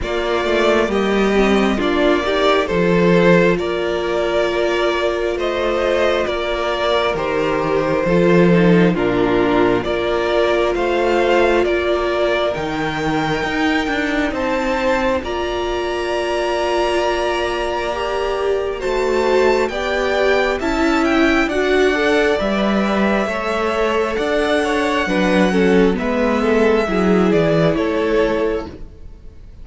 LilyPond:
<<
  \new Staff \with { instrumentName = "violin" } { \time 4/4 \tempo 4 = 67 d''4 dis''4 d''4 c''4 | d''2 dis''4 d''4 | c''2 ais'4 d''4 | f''4 d''4 g''2 |
a''4 ais''2.~ | ais''4 a''4 g''4 a''8 g''8 | fis''4 e''2 fis''4~ | fis''4 e''4. d''8 cis''4 | }
  \new Staff \with { instrumentName = "violin" } { \time 4/4 f'4 g'4 f'8 g'8 a'4 | ais'2 c''4 ais'4~ | ais'4 a'4 f'4 ais'4 | c''4 ais'2. |
c''4 d''2.~ | d''4 c''4 d''4 e''4 | d''2 cis''4 d''8 cis''8 | b'8 a'8 b'8 a'8 gis'4 a'4 | }
  \new Staff \with { instrumentName = "viola" } { \time 4/4 ais4. c'8 d'8 dis'8 f'4~ | f'1 | g'4 f'8 dis'8 d'4 f'4~ | f'2 dis'2~ |
dis'4 f'2. | g'4 fis'4 g'4 e'4 | fis'8 a'8 b'4 a'2 | d'8 cis'8 b4 e'2 | }
  \new Staff \with { instrumentName = "cello" } { \time 4/4 ais8 a8 g4 ais4 f4 | ais2 a4 ais4 | dis4 f4 ais,4 ais4 | a4 ais4 dis4 dis'8 d'8 |
c'4 ais2.~ | ais4 a4 b4 cis'4 | d'4 g4 a4 d'4 | fis4 gis4 fis8 e8 a4 | }
>>